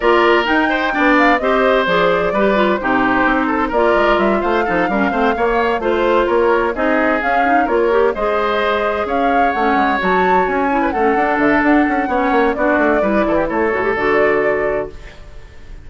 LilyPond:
<<
  \new Staff \with { instrumentName = "flute" } { \time 4/4 \tempo 4 = 129 d''4 g''4. f''8 dis''4 | d''2 c''2 | d''4 e''8 f''2~ f''8~ | f''8 c''4 cis''4 dis''4 f''8~ |
f''8 cis''4 dis''2 f''8~ | f''8 fis''4 a''4 gis''4 fis''8~ | fis''8 e''8 fis''2 d''4~ | d''4 cis''4 d''2 | }
  \new Staff \with { instrumentName = "oboe" } { \time 4/4 ais'4. c''8 d''4 c''4~ | c''4 b'4 g'4. a'8 | ais'4. c''8 a'8 ais'8 c''8 cis''8~ | cis''8 c''4 ais'4 gis'4.~ |
gis'8 ais'4 c''2 cis''8~ | cis''2.~ cis''16 b'16 a'8~ | a'2 cis''4 fis'4 | b'8 a'16 g'16 a'2. | }
  \new Staff \with { instrumentName = "clarinet" } { \time 4/4 f'4 dis'4 d'4 g'4 | gis'4 g'8 f'8 dis'2 | f'2 dis'8 cis'8 c'8 ais8~ | ais8 f'2 dis'4 cis'8 |
dis'8 f'8 g'8 gis'2~ gis'8~ | gis'8 cis'4 fis'4. e'8 cis'8 | d'2 cis'4 d'4 | e'4. fis'16 g'16 fis'2 | }
  \new Staff \with { instrumentName = "bassoon" } { \time 4/4 ais4 dis'4 b4 c'4 | f4 g4 c4 c'4 | ais8 gis8 g8 a8 f8 g8 a8 ais8~ | ais8 a4 ais4 c'4 cis'8~ |
cis'8 ais4 gis2 cis'8~ | cis'8 a8 gis8 fis4 cis'4 a8 | d'8 d8 d'8 cis'8 b8 ais8 b8 a8 | g8 e8 a8 a,8 d2 | }
>>